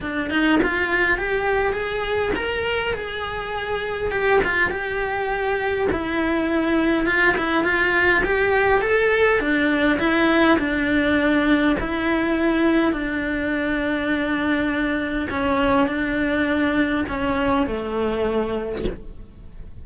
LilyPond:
\new Staff \with { instrumentName = "cello" } { \time 4/4 \tempo 4 = 102 d'8 dis'8 f'4 g'4 gis'4 | ais'4 gis'2 g'8 f'8 | g'2 e'2 | f'8 e'8 f'4 g'4 a'4 |
d'4 e'4 d'2 | e'2 d'2~ | d'2 cis'4 d'4~ | d'4 cis'4 a2 | }